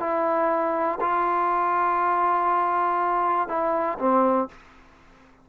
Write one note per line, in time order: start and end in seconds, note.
0.00 0.99 E4
1.01 3.49 F4
3.49 3.98 E4
3.99 4.49 C4